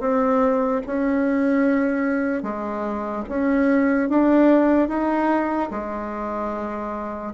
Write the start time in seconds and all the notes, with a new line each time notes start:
0.00 C4
0.87 C#4
2.43 G#3
3.29 C#4
4.09 D4
4.89 D#4
5.71 G#3